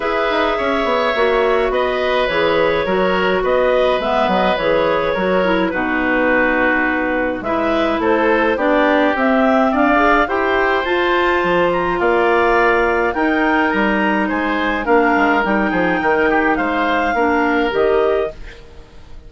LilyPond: <<
  \new Staff \with { instrumentName = "clarinet" } { \time 4/4 \tempo 4 = 105 e''2. dis''4 | cis''2 dis''4 e''8 dis''8 | cis''2 b'2~ | b'4 e''4 c''4 d''4 |
e''4 f''4 g''4 a''4~ | a''8 ais''8 f''2 g''4 | ais''4 gis''4 f''4 g''4~ | g''4 f''2 dis''4 | }
  \new Staff \with { instrumentName = "oboe" } { \time 4/4 b'4 cis''2 b'4~ | b'4 ais'4 b'2~ | b'4 ais'4 fis'2~ | fis'4 b'4 a'4 g'4~ |
g'4 d''4 c''2~ | c''4 d''2 ais'4~ | ais'4 c''4 ais'4. gis'8 | ais'8 g'8 c''4 ais'2 | }
  \new Staff \with { instrumentName = "clarinet" } { \time 4/4 gis'2 fis'2 | gis'4 fis'2 b4 | gis'4 fis'8 e'8 dis'2~ | dis'4 e'2 d'4 |
c'4. gis'8 g'4 f'4~ | f'2. dis'4~ | dis'2 d'4 dis'4~ | dis'2 d'4 g'4 | }
  \new Staff \with { instrumentName = "bassoon" } { \time 4/4 e'8 dis'8 cis'8 b8 ais4 b4 | e4 fis4 b4 gis8 fis8 | e4 fis4 b,2~ | b,4 gis4 a4 b4 |
c'4 d'4 e'4 f'4 | f4 ais2 dis'4 | g4 gis4 ais8 gis8 g8 f8 | dis4 gis4 ais4 dis4 | }
>>